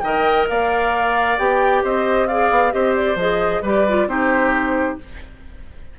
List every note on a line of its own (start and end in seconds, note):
0.00 0.47 D#3
0.00 1.39 A#4
0.00 0.48 D#5
0.00 0.45 G5
0.48 1.38 A#3
0.48 1.83 D5
0.48 1.38 F5
1.38 1.83 B3
1.38 2.29 G4
1.38 1.83 G5
1.83 2.50 C4
1.83 2.28 C5
1.83 2.27 D#5
2.27 2.71 G#4
2.27 2.73 D5
2.27 2.72 F5
2.50 2.73 B3
2.71 3.15 C4
2.71 3.16 G4
2.71 3.62 C5
2.71 2.95 D#5
2.95 3.18 D5
3.15 3.60 F3
3.15 3.64 G#4
3.15 3.64 D#5
3.62 4.07 G3
3.62 3.87 G4
3.62 4.07 B4
3.62 4.08 D5
3.88 4.08 F4
4.07 4.97 C4
4.07 4.98 D#4
4.07 4.99 G4
4.07 4.98 C5